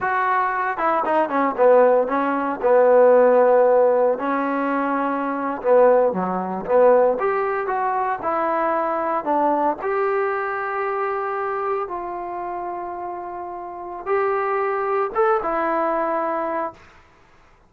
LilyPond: \new Staff \with { instrumentName = "trombone" } { \time 4/4 \tempo 4 = 115 fis'4. e'8 dis'8 cis'8 b4 | cis'4 b2. | cis'2~ cis'8. b4 fis16~ | fis8. b4 g'4 fis'4 e'16~ |
e'4.~ e'16 d'4 g'4~ g'16~ | g'2~ g'8. f'4~ f'16~ | f'2. g'4~ | g'4 a'8 e'2~ e'8 | }